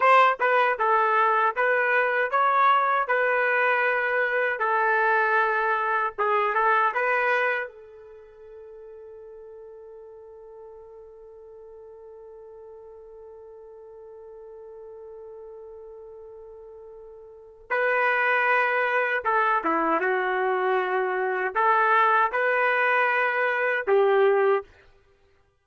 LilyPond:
\new Staff \with { instrumentName = "trumpet" } { \time 4/4 \tempo 4 = 78 c''8 b'8 a'4 b'4 cis''4 | b'2 a'2 | gis'8 a'8 b'4 a'2~ | a'1~ |
a'1~ | a'2. b'4~ | b'4 a'8 e'8 fis'2 | a'4 b'2 g'4 | }